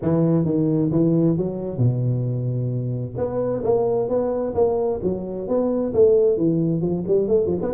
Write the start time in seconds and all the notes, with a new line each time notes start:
0.02 E3
0.44 D#3
0.91 E3
1.37 F#3
1.77 B2
3.17 B3
3.63 A#3
4.08 B3
4.54 A#3
5.02 F#3
5.48 B3
5.93 A3
6.37 E3
6.81 F3
7.07 G3
7.27 A3
7.46 F3
7.61 B3